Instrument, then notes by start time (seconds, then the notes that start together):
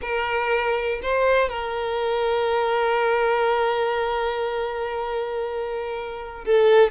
violin
0.01 A#4
1.02 C5
1.49 A#4
6.45 A4